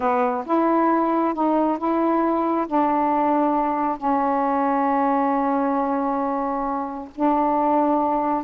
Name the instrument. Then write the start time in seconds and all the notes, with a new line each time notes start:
saxophone
0.00 B3
0.46 E4
1.34 D#4
1.78 E4
2.67 D4
3.97 C#4
7.15 D4